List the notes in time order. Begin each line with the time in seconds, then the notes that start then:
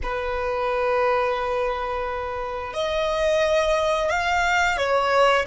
0.02 B4
2.73 D#5
4.09 F5
4.77 C#5